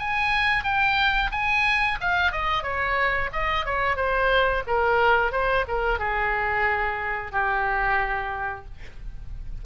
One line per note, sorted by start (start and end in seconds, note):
0.00 0.64 G#5
0.64 1.31 G5
1.32 1.98 G#5
2.01 2.32 F5
2.32 2.63 D#5
2.63 3.30 C#5
3.33 3.66 D#5
3.66 3.97 C#5
3.97 4.64 C5
4.67 5.32 A#4
5.32 5.65 C5
5.68 6.00 A#4
6.00 7.32 G#4
7.32 8.65 G4